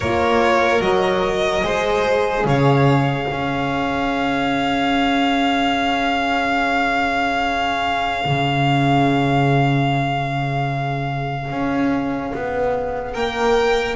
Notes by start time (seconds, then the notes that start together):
0.00 A#3 F4 A#4 C#5
0.80 F#3 F#4 D#5
1.63 G#3 G#4 C5
2.44 C#3 C#5 F5
3.26 C#4 G#4
8.24 C#3
11.50 C#4
12.34 B3
13.13 A#3 A#4 G5